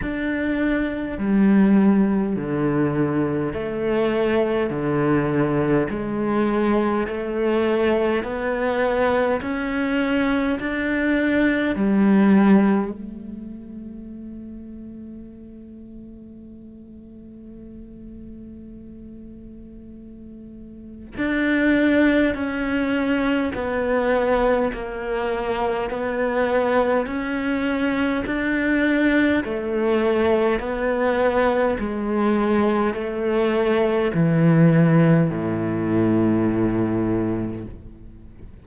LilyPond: \new Staff \with { instrumentName = "cello" } { \time 4/4 \tempo 4 = 51 d'4 g4 d4 a4 | d4 gis4 a4 b4 | cis'4 d'4 g4 a4~ | a1~ |
a2 d'4 cis'4 | b4 ais4 b4 cis'4 | d'4 a4 b4 gis4 | a4 e4 a,2 | }